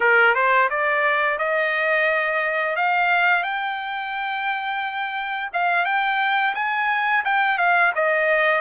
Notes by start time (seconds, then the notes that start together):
0.00 A#4
0.34 C5
0.70 D5
1.38 D#5
2.76 F5
3.43 G5
5.53 F5
5.85 G5
6.55 G#5
7.24 G5
7.57 F5
7.95 D#5